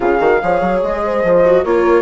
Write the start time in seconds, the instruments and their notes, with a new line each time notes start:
0.00 bassoon C#3, viola F4, horn G#4, flute F5
0.19 bassoon D#3, viola F#4
0.41 bassoon F3, viola G#4, horn C#5
0.60 bassoon F#3
0.83 bassoon G#3, flute D#5
1.05 horn C5
1.23 bassoon F3
1.45 viola F#4
1.63 bassoon A#3, viola F4, horn A#4, flute C#5